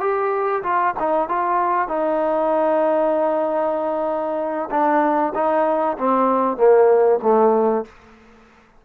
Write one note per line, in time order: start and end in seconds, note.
0.00 0.62 G4
0.63 0.94 F4
0.99 1.28 D#4
1.28 1.88 F4
1.88 4.69 D#4
4.70 5.33 D4
5.34 5.97 D#4
5.98 6.57 C4
6.57 7.19 A#3
7.22 7.85 A3